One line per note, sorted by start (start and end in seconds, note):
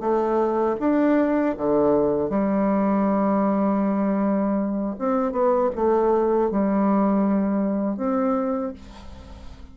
0.00 0.76 A3
0.80 1.56 D4
1.57 2.30 D3
2.30 4.96 G3
4.99 5.32 C4
5.32 5.70 B3
5.75 6.51 A3
6.51 7.97 G3
7.97 8.73 C4